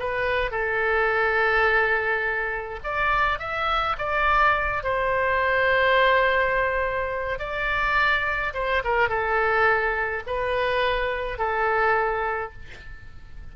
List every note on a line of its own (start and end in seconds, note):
0.00 0.51 B4
0.51 2.80 A4
2.84 3.39 D5
3.39 3.96 E5
3.99 4.84 D5
4.84 7.39 C5
7.39 8.54 D5
8.54 8.83 C5
8.84 9.09 A#4
9.09 10.23 A4
10.27 11.38 B4
11.38 12.53 A4